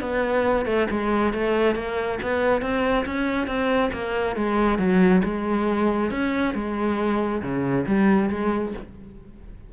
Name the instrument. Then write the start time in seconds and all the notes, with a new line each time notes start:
cello
0.00 B3
0.66 A3
0.90 G#3
1.33 A3
1.75 A#3
2.22 B3
2.61 C4
3.05 C#4
3.47 C4
3.92 A#3
4.36 G#3
4.78 F#3
5.24 G#3
6.11 C#4
6.54 G#3
7.42 C#3
7.86 G3
8.30 G#3